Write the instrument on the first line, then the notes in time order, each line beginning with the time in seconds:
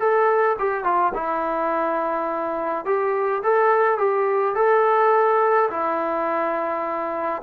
trombone
0.00 A4
0.59 G4
0.84 F4
1.14 E4
2.85 G4
3.43 A4
3.98 G4
4.56 A4
5.71 E4